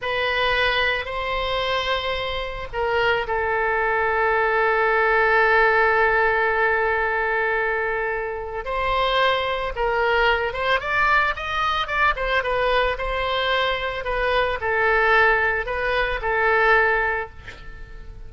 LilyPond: \new Staff \with { instrumentName = "oboe" } { \time 4/4 \tempo 4 = 111 b'2 c''2~ | c''4 ais'4 a'2~ | a'1~ | a'1 |
c''2 ais'4. c''8 | d''4 dis''4 d''8 c''8 b'4 | c''2 b'4 a'4~ | a'4 b'4 a'2 | }